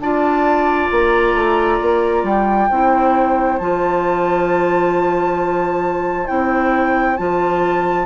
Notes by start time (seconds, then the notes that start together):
0.00 D4 F4 D5 A5
0.91 A#3 A#5
1.35 A3
1.82 A#3
2.24 G3 G5
2.70 C4 E4 C5
3.59 F3 F4 A5
6.27 C4 E4 G5
7.17 F3 F4 A5